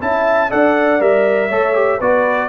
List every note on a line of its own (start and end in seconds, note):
0.00 0.51 C#4
0.00 0.50 E4
0.00 0.50 E5
0.00 0.51 A5
0.50 0.99 D4
0.50 0.99 A4
0.50 1.48 D5
0.50 1.01 F#5
0.99 1.49 G3
0.99 1.49 A#4
0.99 2.01 E5
1.48 2.00 A3
1.48 1.74 A4
1.48 1.98 C#5
1.74 1.99 G4
1.98 2.49 B3
1.98 2.49 F#4
1.98 2.48 B4
1.98 2.49 D5